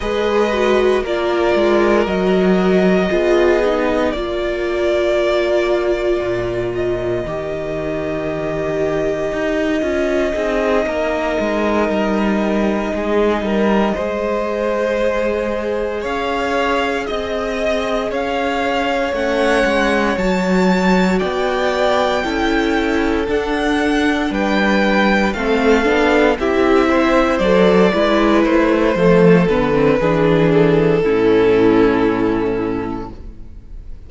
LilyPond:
<<
  \new Staff \with { instrumentName = "violin" } { \time 4/4 \tempo 4 = 58 dis''4 d''4 dis''2 | d''2~ d''8 dis''4.~ | dis''1~ | dis''2.~ dis''8 f''8~ |
f''8 dis''4 f''4 fis''4 a''8~ | a''8 g''2 fis''4 g''8~ | g''8 f''4 e''4 d''4 c''8~ | c''8 b'4 a'2~ a'8 | }
  \new Staff \with { instrumentName = "violin" } { \time 4/4 b'4 ais'2 gis'4 | ais'1~ | ais'2 gis'8 ais'4.~ | ais'8 gis'8 ais'8 c''2 cis''8~ |
cis''8 dis''4 cis''2~ cis''8~ | cis''8 d''4 a'2 b'8~ | b'8 a'4 g'8 c''4 b'4 | a'4 gis'4 e'2 | }
  \new Staff \with { instrumentName = "viola" } { \time 4/4 gis'8 fis'8 f'4 fis'4 f'8 dis'8 | f'2. g'4~ | g'4. f'8 dis'2~ | dis'4. gis'2~ gis'8~ |
gis'2~ gis'8 cis'4 fis'8~ | fis'4. e'4 d'4.~ | d'8 c'8 d'8 e'4 a'8 e'4 | a8 b16 c'16 d'4 cis'2 | }
  \new Staff \with { instrumentName = "cello" } { \time 4/4 gis4 ais8 gis8 fis4 b4 | ais2 ais,4 dis4~ | dis4 dis'8 cis'8 c'8 ais8 gis8 g8~ | g8 gis8 g8 gis2 cis'8~ |
cis'8 c'4 cis'4 a8 gis8 fis8~ | fis8 b4 cis'4 d'4 g8~ | g8 a8 b8 c'4 fis8 gis8 a8 | f8 d8 e4 a,2 | }
>>